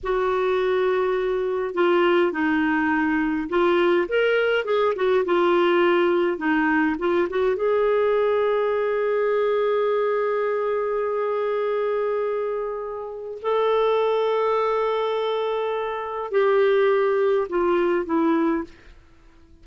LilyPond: \new Staff \with { instrumentName = "clarinet" } { \time 4/4 \tempo 4 = 103 fis'2. f'4 | dis'2 f'4 ais'4 | gis'8 fis'8 f'2 dis'4 | f'8 fis'8 gis'2.~ |
gis'1~ | gis'2. a'4~ | a'1 | g'2 f'4 e'4 | }